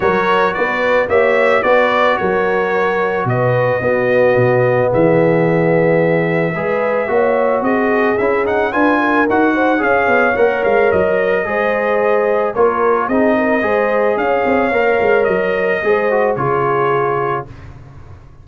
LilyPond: <<
  \new Staff \with { instrumentName = "trumpet" } { \time 4/4 \tempo 4 = 110 cis''4 d''4 e''4 d''4 | cis''2 dis''2~ | dis''4 e''2.~ | e''2 dis''4 e''8 fis''8 |
gis''4 fis''4 f''4 fis''8 f''8 | dis''2. cis''4 | dis''2 f''2 | dis''2 cis''2 | }
  \new Staff \with { instrumentName = "horn" } { \time 4/4 ais'4 b'4 cis''4 b'4 | ais'2 b'4 fis'4~ | fis'4 gis'2. | b'4 cis''4 gis'2 |
b'8 ais'4 c''8 cis''2~ | cis''4 c''2 ais'4 | gis'8 ais'8 c''4 cis''2~ | cis''4 c''4 gis'2 | }
  \new Staff \with { instrumentName = "trombone" } { \time 4/4 fis'2 g'4 fis'4~ | fis'2. b4~ | b1 | gis'4 fis'2 e'8 dis'8 |
f'4 fis'4 gis'4 ais'4~ | ais'4 gis'2 f'4 | dis'4 gis'2 ais'4~ | ais'4 gis'8 fis'8 f'2 | }
  \new Staff \with { instrumentName = "tuba" } { \time 4/4 fis4 b4 ais4 b4 | fis2 b,4 b4 | b,4 e2. | gis4 ais4 c'4 cis'4 |
d'4 dis'4 cis'8 b8 ais8 gis8 | fis4 gis2 ais4 | c'4 gis4 cis'8 c'8 ais8 gis8 | fis4 gis4 cis2 | }
>>